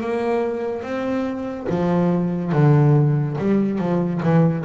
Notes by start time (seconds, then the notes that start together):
0.00 A#3
0.82 C4
1.69 F3
2.52 D3
3.38 G3
3.78 F3
4.23 E3